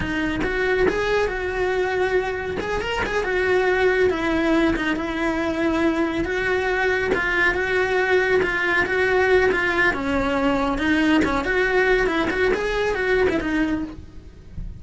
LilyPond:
\new Staff \with { instrumentName = "cello" } { \time 4/4 \tempo 4 = 139 dis'4 fis'4 gis'4 fis'4~ | fis'2 gis'8 ais'8 gis'8 fis'8~ | fis'4. e'4. dis'8 e'8~ | e'2~ e'8 fis'4.~ |
fis'8 f'4 fis'2 f'8~ | f'8 fis'4. f'4 cis'4~ | cis'4 dis'4 cis'8 fis'4. | e'8 fis'8 gis'4 fis'8. e'16 dis'4 | }